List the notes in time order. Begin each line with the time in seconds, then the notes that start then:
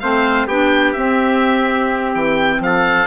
0.00 A3 C4 C5 F5
0.47 B3 D4 G4 G5
0.93 C4 E5
2.15 E3 G5
2.60 F3 A4 F5